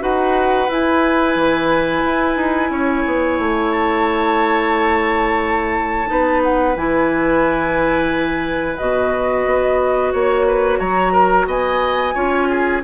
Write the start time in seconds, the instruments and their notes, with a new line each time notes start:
0.00 bassoon D#4, clarinet F#4, oboe B4, flute F#5
0.68 bassoon E4, clarinet E4, flute G#5
1.36 bassoon E3
2.04 bassoon E4
2.37 bassoon D#4
2.70 bassoon C#4, oboe C#5
3.06 bassoon B3
3.39 bassoon A3
3.71 flute A5
6.06 bassoon B3, clarinet D#4, oboe B4
6.42 flute F#5
6.76 bassoon E3, clarinet E4, flute G#5
8.77 bassoon B2, clarinet F#4, flute D#5
9.46 bassoon B3
10.12 bassoon A#3, oboe C#5, flute C#5
10.47 oboe B4
10.79 bassoon F#3, oboe C#5, flute A#5
11.12 oboe A#4
11.46 bassoon B3, oboe D#5, flute G#5
12.14 bassoon C#4, clarinet F4, oboe C#5
12.49 oboe G#4